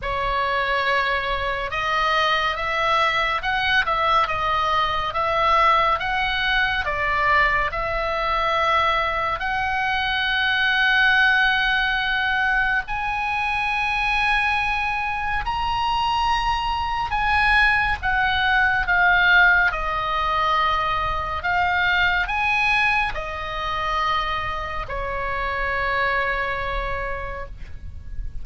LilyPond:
\new Staff \with { instrumentName = "oboe" } { \time 4/4 \tempo 4 = 70 cis''2 dis''4 e''4 | fis''8 e''8 dis''4 e''4 fis''4 | d''4 e''2 fis''4~ | fis''2. gis''4~ |
gis''2 ais''2 | gis''4 fis''4 f''4 dis''4~ | dis''4 f''4 gis''4 dis''4~ | dis''4 cis''2. | }